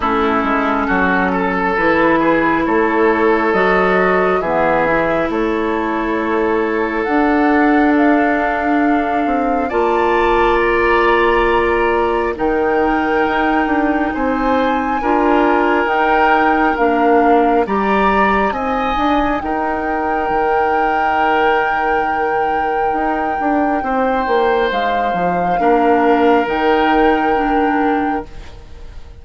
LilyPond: <<
  \new Staff \with { instrumentName = "flute" } { \time 4/4 \tempo 4 = 68 a'2 b'4 cis''4 | dis''4 e''4 cis''2 | fis''4 f''2 a''4 | ais''2 g''2 |
gis''2 g''4 f''4 | ais''4 gis''4 g''2~ | g''1 | f''2 g''2 | }
  \new Staff \with { instrumentName = "oboe" } { \time 4/4 e'4 fis'8 a'4 gis'8 a'4~ | a'4 gis'4 a'2~ | a'2. d''4~ | d''2 ais'2 |
c''4 ais'2. | d''4 dis''4 ais'2~ | ais'2. c''4~ | c''4 ais'2. | }
  \new Staff \with { instrumentName = "clarinet" } { \time 4/4 cis'2 e'2 | fis'4 b8 e'2~ e'8 | d'2. f'4~ | f'2 dis'2~ |
dis'4 f'4 dis'4 d'4 | g'4 dis'2.~ | dis'1~ | dis'4 d'4 dis'4 d'4 | }
  \new Staff \with { instrumentName = "bassoon" } { \time 4/4 a8 gis8 fis4 e4 a4 | fis4 e4 a2 | d'2~ d'8 c'8 ais4~ | ais2 dis4 dis'8 d'8 |
c'4 d'4 dis'4 ais4 | g4 c'8 d'8 dis'4 dis4~ | dis2 dis'8 d'8 c'8 ais8 | gis8 f8 ais4 dis2 | }
>>